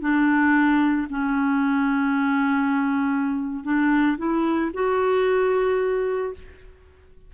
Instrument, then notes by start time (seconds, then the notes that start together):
clarinet
0.00 D4
1.09 C#4
3.64 D4
4.17 E4
4.73 F#4